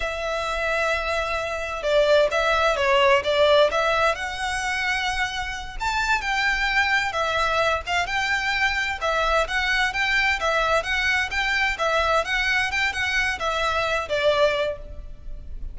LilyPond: \new Staff \with { instrumentName = "violin" } { \time 4/4 \tempo 4 = 130 e''1 | d''4 e''4 cis''4 d''4 | e''4 fis''2.~ | fis''8 a''4 g''2 e''8~ |
e''4 f''8 g''2 e''8~ | e''8 fis''4 g''4 e''4 fis''8~ | fis''8 g''4 e''4 fis''4 g''8 | fis''4 e''4. d''4. | }